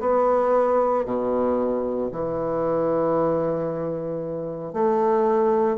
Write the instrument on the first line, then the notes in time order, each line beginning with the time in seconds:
bassoon
0.00 B3
1.05 B2
2.11 E3
4.73 A3